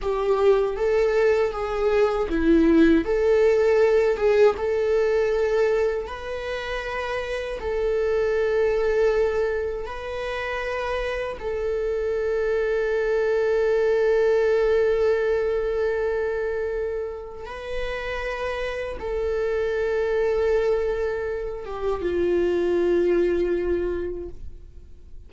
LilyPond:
\new Staff \with { instrumentName = "viola" } { \time 4/4 \tempo 4 = 79 g'4 a'4 gis'4 e'4 | a'4. gis'8 a'2 | b'2 a'2~ | a'4 b'2 a'4~ |
a'1~ | a'2. b'4~ | b'4 a'2.~ | a'8 g'8 f'2. | }